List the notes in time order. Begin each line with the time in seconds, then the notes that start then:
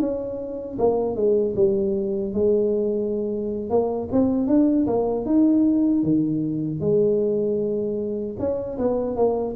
0.00 C#4
0.79 A#3
1.16 G#3
1.56 G3
2.34 G#3
3.70 A#3
4.12 C4
4.47 D4
4.87 A#3
5.26 D#4
6.03 D#3
6.81 G#3
8.39 C#4
8.78 B3
9.17 A#3